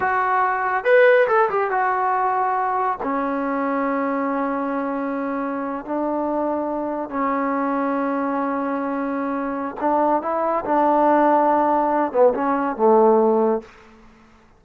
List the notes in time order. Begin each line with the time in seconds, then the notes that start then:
0.00 F#4
0.84 B4
1.27 A4
1.49 G4
1.70 F#4
3.02 C#4
5.85 D4
7.09 C#4
9.80 D4
10.21 E4
10.65 D4
12.12 B3
12.33 C#4
12.76 A3